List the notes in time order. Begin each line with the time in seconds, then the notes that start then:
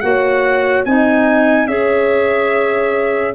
0.00 A#3 F#4 C#5 F#5
0.85 C4 D#4 D#5 G#5
1.67 C#4 G#4 C#5 E5